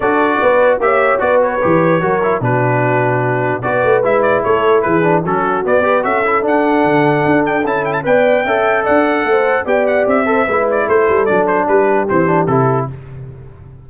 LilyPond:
<<
  \new Staff \with { instrumentName = "trumpet" } { \time 4/4 \tempo 4 = 149 d''2 e''4 d''8 cis''8~ | cis''2 b'2~ | b'4 d''4 e''8 d''8 cis''4 | b'4 a'4 d''4 e''4 |
fis''2~ fis''8 g''8 a''8 g''16 a''16 | g''2 fis''2 | g''8 fis''8 e''4. d''8 c''4 | d''8 c''8 b'4 c''4 a'4 | }
  \new Staff \with { instrumentName = "horn" } { \time 4/4 a'4 b'4 cis''4 b'4~ | b'4 ais'4 fis'2~ | fis'4 b'2 a'4 | gis'4 fis'4. b'8 a'4~ |
a'1 | d''4 e''4 d''4 c''4 | d''4. c''8 b'4 a'4~ | a'4 g'2. | }
  \new Staff \with { instrumentName = "trombone" } { \time 4/4 fis'2 g'4 fis'4 | g'4 fis'8 e'8 d'2~ | d'4 fis'4 e'2~ | e'8 d'8 cis'4 b8 g'8 fis'8 e'8 |
d'2. e'4 | b'4 a'2. | g'4. a'8 e'2 | d'2 c'8 d'8 e'4 | }
  \new Staff \with { instrumentName = "tuba" } { \time 4/4 d'4 b4 ais4 b4 | e4 fis4 b,2~ | b,4 b8 a8 gis4 a4 | e4 fis4 b4 cis'4 |
d'4 d4 d'4 cis'4 | b4 cis'4 d'4 a4 | b4 c'4 gis4 a8 g8 | fis4 g4 e4 c4 | }
>>